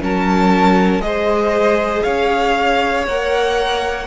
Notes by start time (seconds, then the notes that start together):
0.00 F#3 C#4 A#4 A5
0.99 G#3 G#4 D#5
1.05 C5
2.02 C#4 C#5 F5
3.07 A#3 A#4 F#5